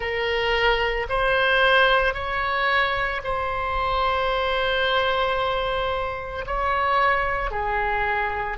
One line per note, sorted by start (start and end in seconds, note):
0.00 1.07 A#4
1.09 2.14 C5
2.14 3.21 C#5
3.23 6.45 C5
6.46 7.50 C#5
7.50 8.57 G#4